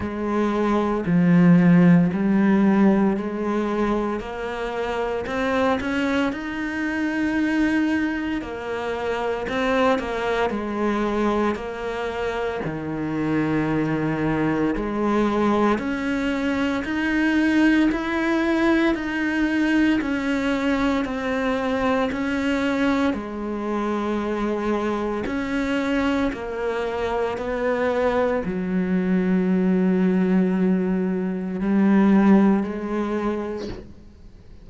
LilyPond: \new Staff \with { instrumentName = "cello" } { \time 4/4 \tempo 4 = 57 gis4 f4 g4 gis4 | ais4 c'8 cis'8 dis'2 | ais4 c'8 ais8 gis4 ais4 | dis2 gis4 cis'4 |
dis'4 e'4 dis'4 cis'4 | c'4 cis'4 gis2 | cis'4 ais4 b4 fis4~ | fis2 g4 gis4 | }